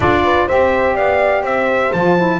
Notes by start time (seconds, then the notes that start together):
0.00 D4 F4 A4 D5
0.24 B4
0.47 C4 G4 C5 E5
0.94 B3 D5 F5
1.42 C4 C5 E5
1.92 F3 F4 A5
2.17 E4